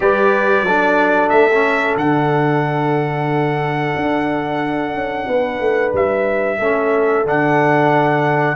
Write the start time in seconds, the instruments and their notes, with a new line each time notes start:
0.00 tuba G3, trombone G4, horn B4, trumpet D5
0.62 tuba F#3, trombone D4, horn A4
1.29 tuba A3, trumpet E5
1.53 trombone C#4
1.96 tuba D3, trombone D4, trumpet F#5
3.96 tuba D4
4.93 tuba C#4
5.27 tuba B3, horn B4
5.60 tuba A3
5.93 tuba G3, trumpet E5
6.58 tuba A3, trombone C#4, horn A4
7.25 tuba D3, trombone D4, trumpet F#5